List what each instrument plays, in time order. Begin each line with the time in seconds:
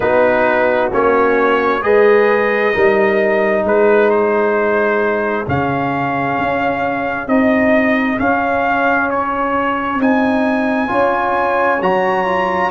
0.00 tuba B3, trombone D#4, horn F#4, trumpet B4
0.91 tuba A#3, trombone C#4, trumpet C#5
1.81 tuba G#3, trombone G#4, horn B4, trumpet D#5
2.73 tuba G3, trombone D#4, horn A#4
3.63 tuba G#3, horn G#4, trumpet B4
4.10 trumpet C5
5.46 tuba C#3, trombone C#4, trumpet F5
6.37 tuba C#4
7.27 tuba C4, trombone D#4, trumpet D#5
8.18 trombone C#4, tuba C#4, trumpet F5
9.10 trumpet C#5
9.99 tuba C4, trombone D#4, trumpet G#5
10.87 tuba C#4, trombone F4, horn C#5
11.81 tuba F#3, trombone F#4, trumpet A#5
12.26 trombone F4